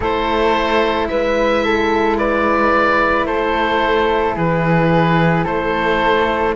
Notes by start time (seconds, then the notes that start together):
0.00 A3 E4 A4 C5
1.07 G#3 B4 E5
1.64 A4
2.18 B4 D5
3.25 A3 A4 C5
4.35 E3 G#4 B4
5.44 A3 A4 C5